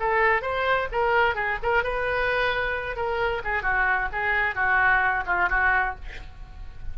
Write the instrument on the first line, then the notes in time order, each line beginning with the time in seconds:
oboe
0.00 A4
0.42 C5
0.92 A#4
1.35 G#4
1.63 A#4
1.83 B4
2.96 A#4
3.44 G#4
3.63 F#4
4.12 G#4
4.55 F#4
5.27 F4
5.49 F#4